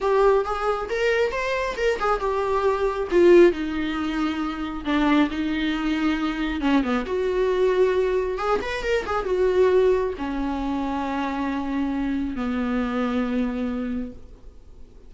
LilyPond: \new Staff \with { instrumentName = "viola" } { \time 4/4 \tempo 4 = 136 g'4 gis'4 ais'4 c''4 | ais'8 gis'8 g'2 f'4 | dis'2. d'4 | dis'2. cis'8 b8 |
fis'2. gis'8 b'8 | ais'8 gis'8 fis'2 cis'4~ | cis'1 | b1 | }